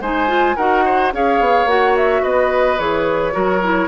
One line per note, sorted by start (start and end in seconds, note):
0.00 0.56 G#3
0.00 0.28 D#4
0.00 0.56 C5
0.00 0.57 G#5
0.28 0.55 F4
0.56 1.13 D#4
0.56 1.12 F#4
0.56 0.84 A#4
0.56 1.12 F#5
0.85 1.13 C5
1.12 1.40 C#4
1.12 1.68 G#4
1.12 2.22 C#5
1.12 1.68 F5
1.40 1.66 B3
1.66 2.21 A#3
1.66 2.78 F#4
1.66 1.96 F#5
1.97 2.24 E5
2.22 2.79 B3
2.22 3.33 B4
2.22 2.79 D#5
2.78 3.34 E3
2.78 3.33 G#4
2.78 3.88 C#5
3.33 3.88 F#3
3.33 3.60 F#4
3.33 3.88 A#4
3.63 3.88 E4